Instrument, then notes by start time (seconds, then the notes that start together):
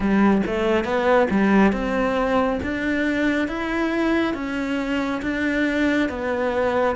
cello
0.00 G3
0.46 A3
0.84 B3
1.30 G3
1.72 C4
2.62 D4
3.48 E4
4.34 C#4
5.22 D4
6.09 B3